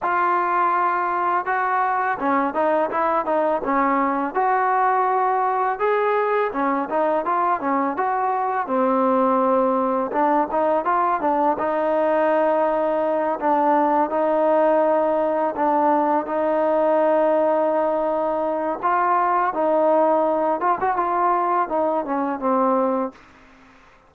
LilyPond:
\new Staff \with { instrumentName = "trombone" } { \time 4/4 \tempo 4 = 83 f'2 fis'4 cis'8 dis'8 | e'8 dis'8 cis'4 fis'2 | gis'4 cis'8 dis'8 f'8 cis'8 fis'4 | c'2 d'8 dis'8 f'8 d'8 |
dis'2~ dis'8 d'4 dis'8~ | dis'4. d'4 dis'4.~ | dis'2 f'4 dis'4~ | dis'8 f'16 fis'16 f'4 dis'8 cis'8 c'4 | }